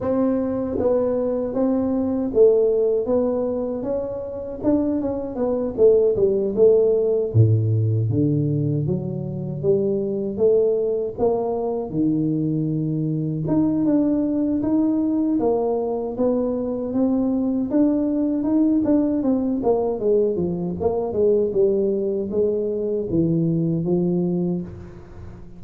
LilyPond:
\new Staff \with { instrumentName = "tuba" } { \time 4/4 \tempo 4 = 78 c'4 b4 c'4 a4 | b4 cis'4 d'8 cis'8 b8 a8 | g8 a4 a,4 d4 fis8~ | fis8 g4 a4 ais4 dis8~ |
dis4. dis'8 d'4 dis'4 | ais4 b4 c'4 d'4 | dis'8 d'8 c'8 ais8 gis8 f8 ais8 gis8 | g4 gis4 e4 f4 | }